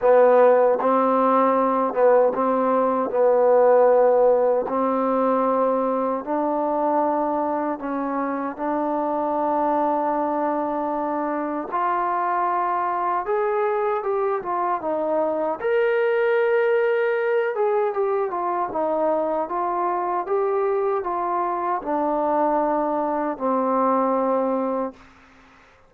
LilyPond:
\new Staff \with { instrumentName = "trombone" } { \time 4/4 \tempo 4 = 77 b4 c'4. b8 c'4 | b2 c'2 | d'2 cis'4 d'4~ | d'2. f'4~ |
f'4 gis'4 g'8 f'8 dis'4 | ais'2~ ais'8 gis'8 g'8 f'8 | dis'4 f'4 g'4 f'4 | d'2 c'2 | }